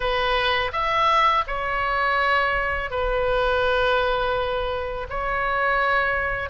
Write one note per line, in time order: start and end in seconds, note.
0.00 0.71 B4
0.72 1.44 E5
1.47 2.90 C#5
2.90 5.07 B4
5.09 6.49 C#5